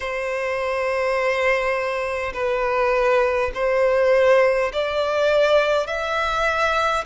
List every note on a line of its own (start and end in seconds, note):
0.00 2.32 C5
2.33 3.51 B4
3.54 4.72 C5
4.73 5.87 D5
5.87 7.04 E5